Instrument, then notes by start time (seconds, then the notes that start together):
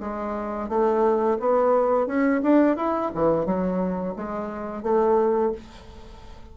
bassoon
0.00 G#3
0.69 A3
1.39 B3
2.07 C#4
2.43 D4
2.76 E4
3.14 E3
3.45 F#3
4.16 G#3
4.83 A3